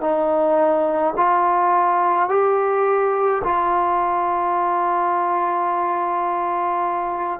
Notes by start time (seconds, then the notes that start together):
0.00 D#4
1.16 F4
2.28 G4
3.43 F4